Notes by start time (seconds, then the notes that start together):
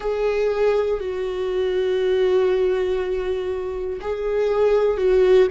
0.00 G#4
1.00 F#4
4.00 G#4
4.97 F#4